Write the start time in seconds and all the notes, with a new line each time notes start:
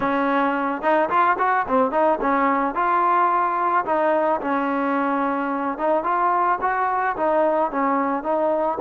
0.00 C#4
0.81 D#4
1.09 F4
1.38 F#4
1.68 C4
1.91 D#4
2.21 C#4
2.74 F4
3.85 D#4
4.40 C#4
5.78 D#4
6.03 F4
6.61 F#4
7.16 D#4
7.71 C#4
8.23 D#4